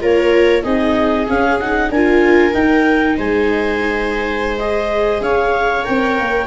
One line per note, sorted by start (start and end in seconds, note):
0.00 0.64 A#3
0.00 0.63 F4
0.00 0.63 A#4
0.00 0.63 C#5
0.63 1.27 C4
0.63 1.26 D#4
0.63 1.89 G#4
0.63 1.26 D#5
1.28 1.59 C#4
1.28 1.89 C#4
1.28 1.59 F5
1.59 1.92 D#4
1.59 1.90 F#5
1.89 2.52 D4
1.89 3.17 A#4
1.89 2.53 G#5
1.96 2.53 F4
2.53 4.58 D#4
2.53 3.17 D#4
2.53 3.17 G5
3.17 5.20 G#3
3.17 5.22 C5
3.17 4.58 G#5
4.58 5.84 G#4
4.58 5.21 D#5
5.20 5.84 C#4
5.20 6.47 C#5
5.20 5.84 F5
5.84 6.19 C4
5.84 6.47 A#4
5.84 6.47 G5
6.19 6.47 A#3